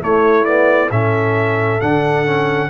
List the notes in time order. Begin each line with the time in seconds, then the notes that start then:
0.00 A3 E4 C#5
0.44 B3 D5
0.90 A2 C#4 A4 E5
1.80 D3 D4 F#5
2.25 C#4